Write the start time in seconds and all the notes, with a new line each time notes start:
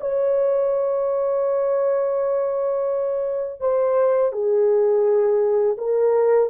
0.00 C#5
3.60 C5
4.32 G#4
5.77 A#4